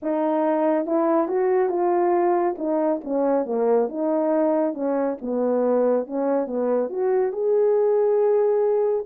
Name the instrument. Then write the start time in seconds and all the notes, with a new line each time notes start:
horn
0.02 D#4
0.86 E4
1.27 F#4
1.69 F4
2.58 D#4
3.04 C#4
3.45 A#3
3.88 D#4
4.73 C#4
5.21 B3
6.06 C#4
6.46 B3
6.89 F#4
7.32 G#4